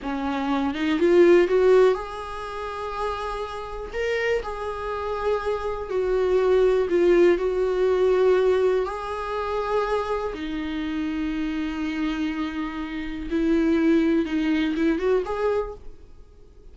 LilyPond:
\new Staff \with { instrumentName = "viola" } { \time 4/4 \tempo 4 = 122 cis'4. dis'8 f'4 fis'4 | gis'1 | ais'4 gis'2. | fis'2 f'4 fis'4~ |
fis'2 gis'2~ | gis'4 dis'2.~ | dis'2. e'4~ | e'4 dis'4 e'8 fis'8 gis'4 | }